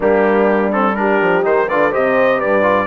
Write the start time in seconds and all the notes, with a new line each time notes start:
0.00 G3 A#3 D4 G4
0.72 C4 A4
0.95 D4 G4 A#4
1.21 F3
1.42 D#3 D#4 C5
1.67 D3 F4 B4 D5
1.90 C3 G4 C5 D#5
2.38 G2 B4 D5
2.62 F4